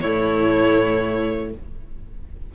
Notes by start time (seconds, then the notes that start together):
0.00 A2 A3 E4 C#5